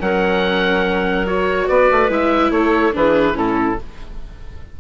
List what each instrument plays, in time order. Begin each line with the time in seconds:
0.00 bassoon F#3, viola C#4, clarinet A#4, oboe F#5
1.27 viola F#4, oboe C#5
1.68 bassoon B3, clarinet B4, oboe D5
1.91 bassoon A3
2.09 bassoon G#3, viola E4, oboe E5
2.51 bassoon A3, clarinet A4, oboe C#5
2.93 bassoon E3, viola D4, clarinet G#4, oboe B4
3.34 bassoon A2, viola C#4, clarinet E4, oboe A4